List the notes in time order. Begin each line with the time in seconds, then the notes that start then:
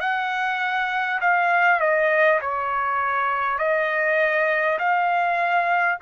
0.00 F#5
1.20 F5
1.79 D#5
2.41 C#5
3.58 D#5
4.78 F5